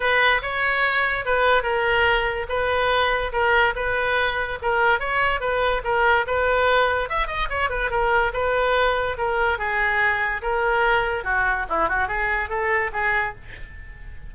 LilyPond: \new Staff \with { instrumentName = "oboe" } { \time 4/4 \tempo 4 = 144 b'4 cis''2 b'4 | ais'2 b'2 | ais'4 b'2 ais'4 | cis''4 b'4 ais'4 b'4~ |
b'4 e''8 dis''8 cis''8 b'8 ais'4 | b'2 ais'4 gis'4~ | gis'4 ais'2 fis'4 | e'8 fis'8 gis'4 a'4 gis'4 | }